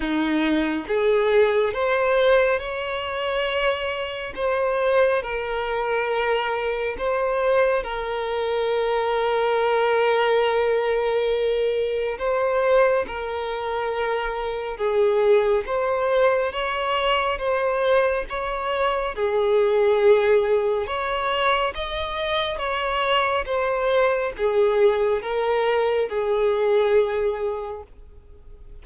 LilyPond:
\new Staff \with { instrumentName = "violin" } { \time 4/4 \tempo 4 = 69 dis'4 gis'4 c''4 cis''4~ | cis''4 c''4 ais'2 | c''4 ais'2.~ | ais'2 c''4 ais'4~ |
ais'4 gis'4 c''4 cis''4 | c''4 cis''4 gis'2 | cis''4 dis''4 cis''4 c''4 | gis'4 ais'4 gis'2 | }